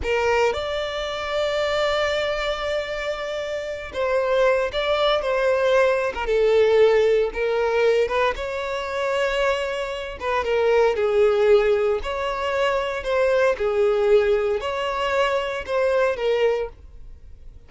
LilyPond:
\new Staff \with { instrumentName = "violin" } { \time 4/4 \tempo 4 = 115 ais'4 d''2.~ | d''2.~ d''8 c''8~ | c''4 d''4 c''4.~ c''16 ais'16 | a'2 ais'4. b'8 |
cis''2.~ cis''8 b'8 | ais'4 gis'2 cis''4~ | cis''4 c''4 gis'2 | cis''2 c''4 ais'4 | }